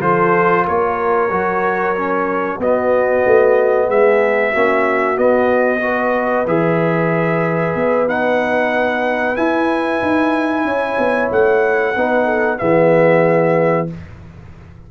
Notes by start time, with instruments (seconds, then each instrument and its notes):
0.00 tuba F3, trombone F4, horn A4, trumpet C5
0.65 tuba A#3, horn A#4, trumpet C#5
1.31 tuba F#3, trombone F#4
1.96 trombone C#4
2.59 tuba B3, trombone B3, horn F#4, trumpet D#5
3.26 tuba A3
3.88 tuba G#3, horn G#4, trumpet E5
4.50 tuba A#3, trombone C#4, horn F#4
5.16 trombone B3, tuba B3, trumpet D#5
5.81 trombone F#4, horn B4
6.47 tuba E3, trombone G#4, trumpet E5
7.75 tuba B3
8.08 trombone D#4, trumpet F#5
9.36 trombone E4, tuba E4, trumpet G#5
10.02 tuba D#4
10.65 tuba C#4, horn C#5
10.98 tuba B3
11.31 tuba A3, trumpet F#5
11.96 tuba B3, trombone D#4, horn B4
12.25 horn A4
12.58 tuba E3, trombone B3, horn G#4, trumpet E5